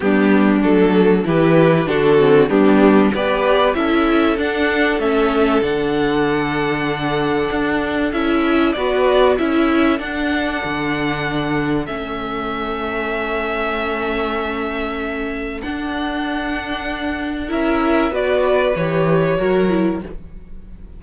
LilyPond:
<<
  \new Staff \with { instrumentName = "violin" } { \time 4/4 \tempo 4 = 96 g'4 a'4 b'4 a'4 | g'4 d''4 e''4 fis''4 | e''4 fis''2.~ | fis''4 e''4 d''4 e''4 |
fis''2. e''4~ | e''1~ | e''4 fis''2. | e''4 d''4 cis''2 | }
  \new Staff \with { instrumentName = "violin" } { \time 4/4 d'2 g'4 fis'4 | d'4 b'4 a'2~ | a'1~ | a'2 b'4 a'4~ |
a'1~ | a'1~ | a'1 | ais'4 b'2 ais'4 | }
  \new Staff \with { instrumentName = "viola" } { \time 4/4 b4 a4 e'4 d'8 c'8 | b4 g'4 e'4 d'4 | cis'4 d'2.~ | d'4 e'4 fis'4 e'4 |
d'2. cis'4~ | cis'1~ | cis'4 d'2. | e'4 fis'4 g'4 fis'8 e'8 | }
  \new Staff \with { instrumentName = "cello" } { \time 4/4 g4 fis4 e4 d4 | g4 b4 cis'4 d'4 | a4 d2. | d'4 cis'4 b4 cis'4 |
d'4 d2 a4~ | a1~ | a4 d'2. | cis'4 b4 e4 fis4 | }
>>